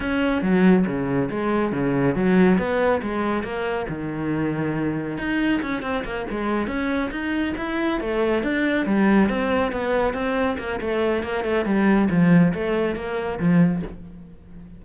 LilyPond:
\new Staff \with { instrumentName = "cello" } { \time 4/4 \tempo 4 = 139 cis'4 fis4 cis4 gis4 | cis4 fis4 b4 gis4 | ais4 dis2. | dis'4 cis'8 c'8 ais8 gis4 cis'8~ |
cis'8 dis'4 e'4 a4 d'8~ | d'8 g4 c'4 b4 c'8~ | c'8 ais8 a4 ais8 a8 g4 | f4 a4 ais4 f4 | }